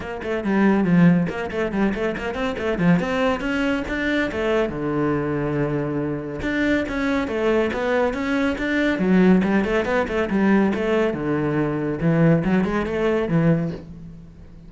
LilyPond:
\new Staff \with { instrumentName = "cello" } { \time 4/4 \tempo 4 = 140 ais8 a8 g4 f4 ais8 a8 | g8 a8 ais8 c'8 a8 f8 c'4 | cis'4 d'4 a4 d4~ | d2. d'4 |
cis'4 a4 b4 cis'4 | d'4 fis4 g8 a8 b8 a8 | g4 a4 d2 | e4 fis8 gis8 a4 e4 | }